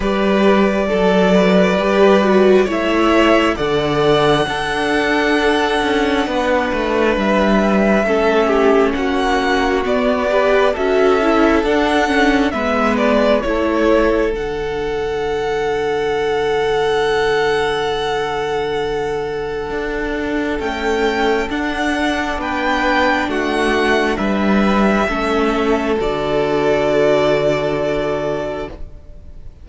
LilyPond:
<<
  \new Staff \with { instrumentName = "violin" } { \time 4/4 \tempo 4 = 67 d''2. e''4 | fis''1 | e''2 fis''4 d''4 | e''4 fis''4 e''8 d''8 cis''4 |
fis''1~ | fis''2. g''4 | fis''4 g''4 fis''4 e''4~ | e''4 d''2. | }
  \new Staff \with { instrumentName = "violin" } { \time 4/4 b'4 a'8 b'4. cis''4 | d''4 a'2 b'4~ | b'4 a'8 g'8 fis'4. b'8 | a'2 b'4 a'4~ |
a'1~ | a'1~ | a'4 b'4 fis'4 b'4 | a'1 | }
  \new Staff \with { instrumentName = "viola" } { \time 4/4 g'4 a'4 g'8 fis'8 e'4 | a'4 d'2.~ | d'4 cis'2 b8 g'8 | fis'8 e'8 d'8 cis'8 b4 e'4 |
d'1~ | d'2. a4 | d'1 | cis'4 fis'2. | }
  \new Staff \with { instrumentName = "cello" } { \time 4/4 g4 fis4 g4 a4 | d4 d'4. cis'8 b8 a8 | g4 a4 ais4 b4 | cis'4 d'4 gis4 a4 |
d1~ | d2 d'4 cis'4 | d'4 b4 a4 g4 | a4 d2. | }
>>